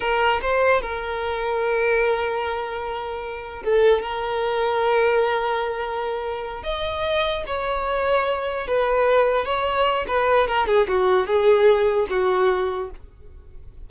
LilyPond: \new Staff \with { instrumentName = "violin" } { \time 4/4 \tempo 4 = 149 ais'4 c''4 ais'2~ | ais'1~ | ais'4 a'4 ais'2~ | ais'1~ |
ais'8 dis''2 cis''4.~ | cis''4. b'2 cis''8~ | cis''4 b'4 ais'8 gis'8 fis'4 | gis'2 fis'2 | }